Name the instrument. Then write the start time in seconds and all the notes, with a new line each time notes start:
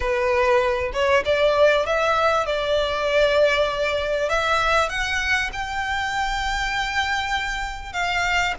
violin
0.00 B4
0.93 C#5
1.25 D5
1.86 E5
2.46 D5
4.29 E5
4.89 F#5
5.52 G5
7.93 F5